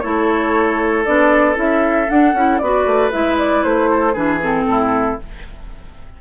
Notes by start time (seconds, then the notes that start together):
0.00 A3 E4 A4 C#5
1.05 B3 D4 D5
1.55 C#4 E4 E5
2.08 D4 F#5
2.34 C#4 E4
2.59 B3 F#4 B4 D5
2.86 A3
3.11 G#3 E4 E5
3.38 D5
3.63 A3 C5
3.90 A4
4.13 E3 D4 G#4 B4
4.42 C4 A4
4.66 A2 E4